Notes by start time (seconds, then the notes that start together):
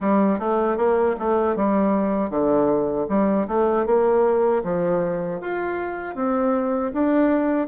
0.00 G3
0.39 A3
0.77 A#3
1.19 A3
1.56 G3
2.30 D3
3.08 G3
3.47 A3
3.85 A#3
4.63 F3
5.40 F4
6.15 C4
6.93 D4